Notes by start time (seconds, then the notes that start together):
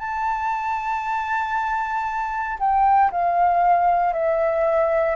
0.00 A5
2.60 G5
3.12 F5
4.14 E5